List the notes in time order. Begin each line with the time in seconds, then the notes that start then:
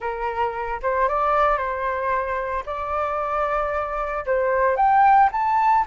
0.00 A#4
0.82 C5
1.08 D5
1.57 C5
2.66 D5
4.26 C5
4.76 G5
5.31 A5